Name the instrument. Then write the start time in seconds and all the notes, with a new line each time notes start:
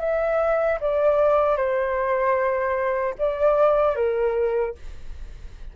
flute
0.00 E5
0.81 D5
1.57 C5
3.19 D5
3.96 A#4